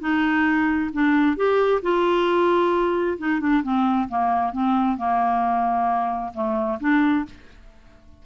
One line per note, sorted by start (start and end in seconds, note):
0.00 0.90 D#4
0.92 1.36 D4
1.36 1.81 G4
1.82 3.17 F4
3.18 3.40 D#4
3.40 3.62 D4
3.63 4.08 C4
4.08 4.52 A#3
4.52 4.97 C4
4.97 6.32 A#3
6.34 6.79 A3
6.80 7.25 D4